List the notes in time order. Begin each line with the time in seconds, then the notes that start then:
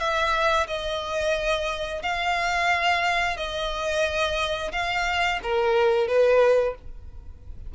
0.00 E5
0.68 D#5
2.03 F5
3.37 D#5
4.73 F5
5.43 A#4
6.08 B4